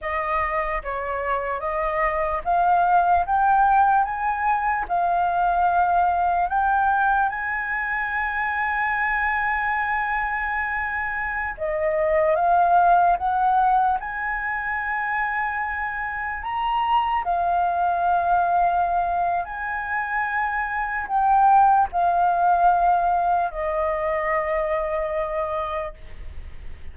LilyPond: \new Staff \with { instrumentName = "flute" } { \time 4/4 \tempo 4 = 74 dis''4 cis''4 dis''4 f''4 | g''4 gis''4 f''2 | g''4 gis''2.~ | gis''2~ gis''16 dis''4 f''8.~ |
f''16 fis''4 gis''2~ gis''8.~ | gis''16 ais''4 f''2~ f''8. | gis''2 g''4 f''4~ | f''4 dis''2. | }